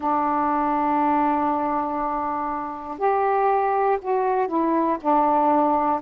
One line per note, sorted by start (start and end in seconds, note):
0.00 2.98 D4
2.98 3.98 G4
4.01 4.47 F#4
4.47 4.97 E4
5.00 6.00 D4